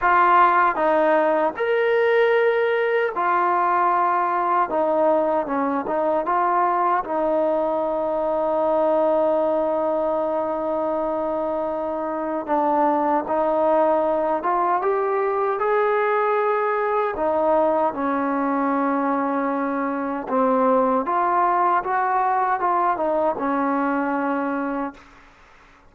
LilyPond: \new Staff \with { instrumentName = "trombone" } { \time 4/4 \tempo 4 = 77 f'4 dis'4 ais'2 | f'2 dis'4 cis'8 dis'8 | f'4 dis'2.~ | dis'1 |
d'4 dis'4. f'8 g'4 | gis'2 dis'4 cis'4~ | cis'2 c'4 f'4 | fis'4 f'8 dis'8 cis'2 | }